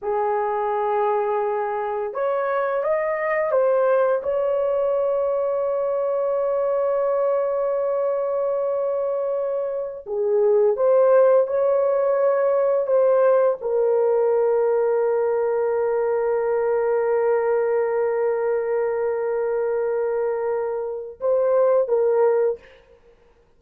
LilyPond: \new Staff \with { instrumentName = "horn" } { \time 4/4 \tempo 4 = 85 gis'2. cis''4 | dis''4 c''4 cis''2~ | cis''1~ | cis''2~ cis''16 gis'4 c''8.~ |
c''16 cis''2 c''4 ais'8.~ | ais'1~ | ais'1~ | ais'2 c''4 ais'4 | }